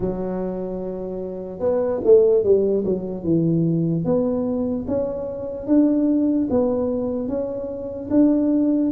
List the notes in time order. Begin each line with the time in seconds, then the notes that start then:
0.00 F#3
1.59 B3
2.04 A3
2.43 G3
2.84 F#3
3.23 E3
4.04 B3
4.87 C#4
5.66 D4
6.49 B3
7.28 C#4
8.10 D4